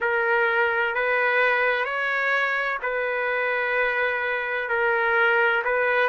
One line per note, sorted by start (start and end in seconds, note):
0.00 0.94 A#4
0.94 1.85 B4
1.85 2.78 C#5
2.82 4.69 B4
4.69 5.62 A#4
5.64 6.09 B4